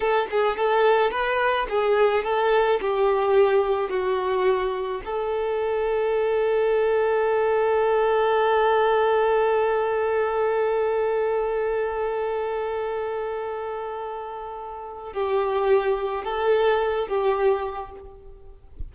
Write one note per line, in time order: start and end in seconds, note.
0.00 0.27 A4
0.30 0.56 G#4
0.56 1.11 A4
1.11 1.67 B4
1.69 2.24 G#4
2.24 2.80 A4
2.80 3.89 G4
3.89 5.01 F#4
5.04 15.13 A4
15.13 16.23 G4
16.23 17.07 A4
17.07 17.92 G4